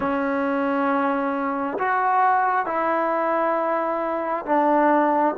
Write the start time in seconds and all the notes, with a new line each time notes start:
0.00 C#4
1.78 F#4
2.66 E4
4.45 D4